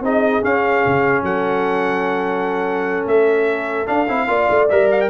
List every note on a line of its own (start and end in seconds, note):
0.00 0.41 C4
0.00 0.42 D#4
0.00 1.24 G#4
0.00 0.44 D#5
0.42 3.86 C#4
0.42 0.84 C#4
0.42 1.24 F5
0.86 1.22 C#3
1.22 3.05 F#3
1.22 4.28 A4
1.22 3.07 F#5
3.05 3.86 A3
3.05 3.87 E5
3.86 4.06 D4
3.86 4.08 D4
3.86 4.68 F5
4.08 4.28 C4
4.08 4.27 E4
4.27 4.48 A#3
4.27 4.67 F4
4.27 5.09 D5
4.50 4.70 A3
4.69 5.09 G3
4.69 5.09 A#4
4.69 4.89 E5
4.91 5.01 F5
5.01 5.09 G5